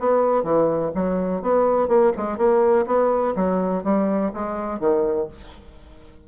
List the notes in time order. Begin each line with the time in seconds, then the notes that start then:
0.00 B3
0.43 E3
0.95 F#3
1.42 B3
1.88 A#3
2.17 G#3
2.38 A#3
2.87 B3
3.36 F#3
3.84 G3
4.34 G#3
4.80 D#3